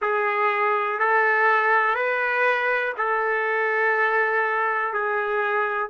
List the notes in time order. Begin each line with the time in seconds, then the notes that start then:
0.01 G#4
0.99 A4
1.94 B4
2.97 A4
4.93 G#4